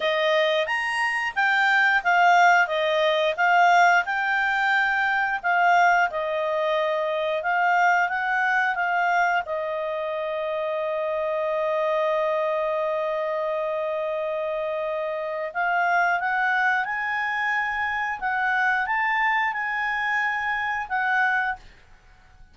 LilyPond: \new Staff \with { instrumentName = "clarinet" } { \time 4/4 \tempo 4 = 89 dis''4 ais''4 g''4 f''4 | dis''4 f''4 g''2 | f''4 dis''2 f''4 | fis''4 f''4 dis''2~ |
dis''1~ | dis''2. f''4 | fis''4 gis''2 fis''4 | a''4 gis''2 fis''4 | }